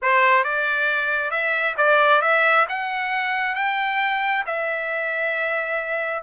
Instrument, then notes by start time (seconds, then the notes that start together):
trumpet
0.01 C5
0.44 D5
1.30 E5
1.77 D5
2.21 E5
2.68 F#5
3.55 G5
4.46 E5